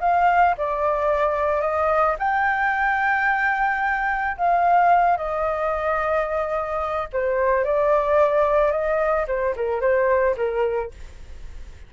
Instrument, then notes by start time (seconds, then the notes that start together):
flute
0.00 F5
0.57 D5
1.61 D#5
2.18 G5
4.37 F5
5.17 D#5
7.12 C5
7.64 D5
8.71 D#5
9.27 C5
9.56 A#4
9.81 C5
10.36 A#4